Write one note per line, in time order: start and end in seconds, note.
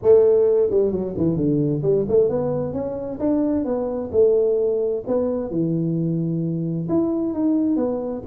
0.02 0.70 A3
0.70 0.91 G3
0.91 1.14 F#3
1.17 1.36 E3
1.36 1.82 D3
1.82 2.05 G3
2.08 2.29 A3
2.29 2.73 B3
2.73 3.19 C#4
3.19 3.64 D4
3.64 4.10 B3
4.12 5.03 A3
5.07 5.50 B3
5.50 6.87 E3
6.88 7.33 E4
7.33 7.76 D#4
7.76 8.22 B3